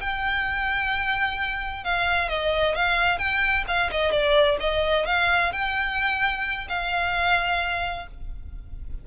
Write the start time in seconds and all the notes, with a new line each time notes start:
0.00 G5
1.84 F5
2.29 D#5
2.75 F5
3.18 G5
3.67 F5
3.91 D#5
4.11 D5
4.60 D#5
5.06 F5
5.52 G5
6.69 F5